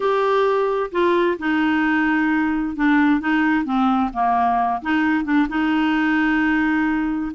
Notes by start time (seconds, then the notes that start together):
0.00 G4
0.91 F4
1.38 D#4
2.75 D4
3.20 D#4
3.65 C4
4.13 A#3
4.82 D#4
5.24 D4
5.48 D#4